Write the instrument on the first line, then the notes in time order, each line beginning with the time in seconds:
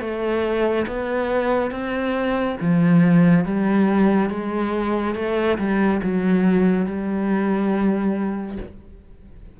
cello
0.00 A3
0.86 B3
1.71 C4
2.60 F3
3.44 G3
4.29 G#3
5.15 A3
5.58 G3
6.02 F#3
6.86 G3